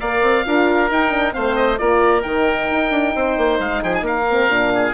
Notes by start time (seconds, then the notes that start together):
0.00 A#3 A#4 D5 F5
0.22 C4
0.45 D4 F4 A#4
0.89 D#4 G5
1.10 D4
1.32 A3 C4 C5 F5
1.56 D#5
1.78 A#3 F4 A#4 D5
2.22 D#3 D#4 G5
2.71 D#4
2.91 D4
3.16 C4 C5
3.38 A#3
3.60 G#3 F5
3.82 F3 G#4 G5
3.95 G#5
4.02 A#3 A#4 F5
4.30 C4
4.48 A#2 D4
4.75 G#4